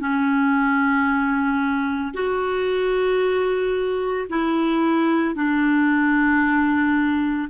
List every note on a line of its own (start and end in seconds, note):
0.00 2.14 C#4
2.14 4.28 F#4
4.30 5.35 E4
5.35 7.50 D4